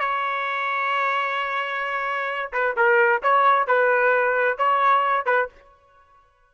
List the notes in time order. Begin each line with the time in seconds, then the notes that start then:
0.00 C#5
2.53 B4
2.77 A#4
3.23 C#5
3.67 B4
4.58 C#5
5.26 B4